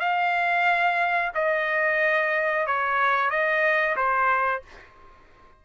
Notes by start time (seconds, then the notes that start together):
0.00 F5
1.35 D#5
2.67 C#5
3.30 D#5
3.96 C5